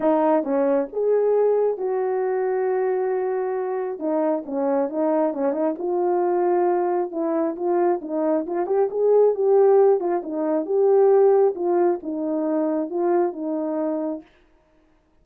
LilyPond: \new Staff \with { instrumentName = "horn" } { \time 4/4 \tempo 4 = 135 dis'4 cis'4 gis'2 | fis'1~ | fis'4 dis'4 cis'4 dis'4 | cis'8 dis'8 f'2. |
e'4 f'4 dis'4 f'8 g'8 | gis'4 g'4. f'8 dis'4 | g'2 f'4 dis'4~ | dis'4 f'4 dis'2 | }